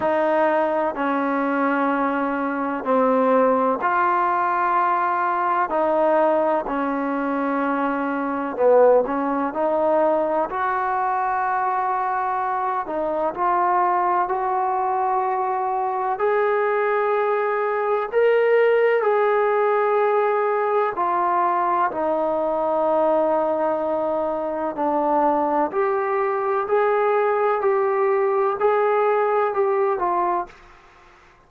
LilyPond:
\new Staff \with { instrumentName = "trombone" } { \time 4/4 \tempo 4 = 63 dis'4 cis'2 c'4 | f'2 dis'4 cis'4~ | cis'4 b8 cis'8 dis'4 fis'4~ | fis'4. dis'8 f'4 fis'4~ |
fis'4 gis'2 ais'4 | gis'2 f'4 dis'4~ | dis'2 d'4 g'4 | gis'4 g'4 gis'4 g'8 f'8 | }